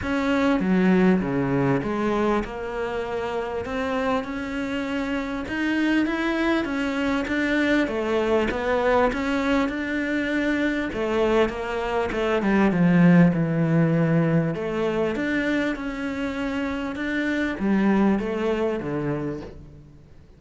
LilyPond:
\new Staff \with { instrumentName = "cello" } { \time 4/4 \tempo 4 = 99 cis'4 fis4 cis4 gis4 | ais2 c'4 cis'4~ | cis'4 dis'4 e'4 cis'4 | d'4 a4 b4 cis'4 |
d'2 a4 ais4 | a8 g8 f4 e2 | a4 d'4 cis'2 | d'4 g4 a4 d4 | }